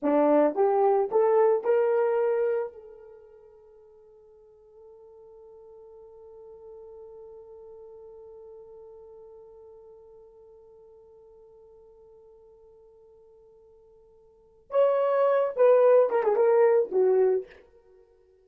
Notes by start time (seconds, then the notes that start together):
0.02 D4
0.55 G4
1.11 A4
1.64 A#4
2.72 A4
14.70 C#5
15.56 B4
16.09 A#4
16.23 G#4
16.35 A#4
16.91 F#4